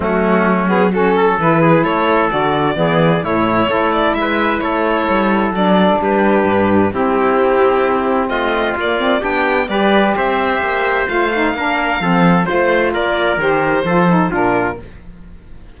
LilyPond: <<
  \new Staff \with { instrumentName = "violin" } { \time 4/4 \tempo 4 = 130 fis'4. gis'8 a'4 b'4 | cis''4 d''2 cis''4~ | cis''8 d''8 e''4 cis''2 | d''4 b'2 g'4~ |
g'2 dis''4 d''4 | g''4 d''4 e''2 | f''2. c''4 | d''4 c''2 ais'4 | }
  \new Staff \with { instrumentName = "trumpet" } { \time 4/4 cis'2 fis'8 a'4 gis'8 | a'2 gis'4 e'4 | a'4 b'4 a'2~ | a'4 g'2 e'4~ |
e'2 f'2 | g'4 b'4 c''2~ | c''4 ais'4 a'4 c''4 | ais'2 a'4 f'4 | }
  \new Staff \with { instrumentName = "saxophone" } { \time 4/4 a4. b8 cis'4 e'4~ | e'4 fis'4 b4 a4 | e'1 | d'2. c'4~ |
c'2. ais8 c'8 | d'4 g'2. | f'8 dis'8 d'4 c'4 f'4~ | f'4 g'4 f'8 dis'8 d'4 | }
  \new Staff \with { instrumentName = "cello" } { \time 4/4 fis2. e4 | a4 d4 e4 a,4 | a4 gis4 a4 g4 | fis4 g4 g,4 c'4~ |
c'2 a4 ais4 | b4 g4 c'4 ais4 | a4 ais4 f4 a4 | ais4 dis4 f4 ais,4 | }
>>